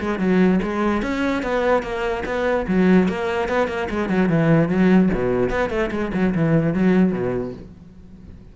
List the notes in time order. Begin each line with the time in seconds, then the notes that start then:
0.00 G#3
0.19 F#3
0.62 G#3
1.02 C#4
1.42 B3
1.82 A#3
2.25 B3
2.68 F#3
3.08 A#3
3.48 B3
3.68 A#3
3.89 G#3
4.09 F#3
4.29 E3
4.68 F#3
5.14 B2
5.50 B3
5.70 A3
5.91 G#3
6.14 F#3
6.35 E3
6.73 F#3
7.12 B2